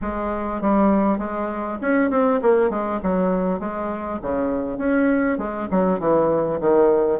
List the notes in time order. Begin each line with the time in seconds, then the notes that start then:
0.01 G#3
0.61 G3
1.18 G#3
1.81 C#4
2.10 C4
2.42 A#3
2.70 G#3
3.02 F#3
3.59 G#3
4.22 C#3
4.78 C#4
5.38 G#3
5.70 F#3
5.99 E3
6.60 D#3